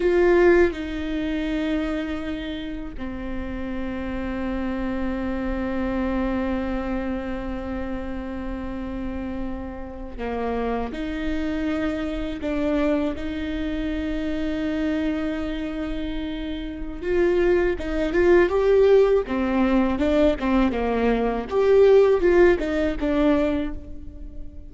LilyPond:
\new Staff \with { instrumentName = "viola" } { \time 4/4 \tempo 4 = 81 f'4 dis'2. | c'1~ | c'1~ | c'4.~ c'16 ais4 dis'4~ dis'16~ |
dis'8. d'4 dis'2~ dis'16~ | dis'2. f'4 | dis'8 f'8 g'4 c'4 d'8 c'8 | ais4 g'4 f'8 dis'8 d'4 | }